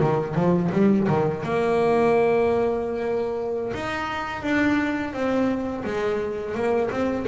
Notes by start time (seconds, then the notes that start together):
0.00 D#3
0.34 F3
0.72 G3
1.07 D#3
1.42 A#3
3.73 D#4
4.42 D4
5.13 C4
5.84 G#3
6.54 A#3
6.90 C4